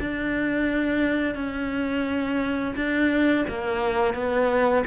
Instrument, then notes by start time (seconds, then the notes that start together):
cello
0.00 D4
1.35 C#4
2.76 D4
3.49 A#3
4.14 B3